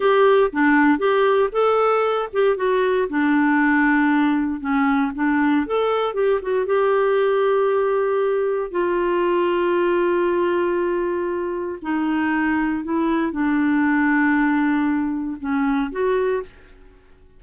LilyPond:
\new Staff \with { instrumentName = "clarinet" } { \time 4/4 \tempo 4 = 117 g'4 d'4 g'4 a'4~ | a'8 g'8 fis'4 d'2~ | d'4 cis'4 d'4 a'4 | g'8 fis'8 g'2.~ |
g'4 f'2.~ | f'2. dis'4~ | dis'4 e'4 d'2~ | d'2 cis'4 fis'4 | }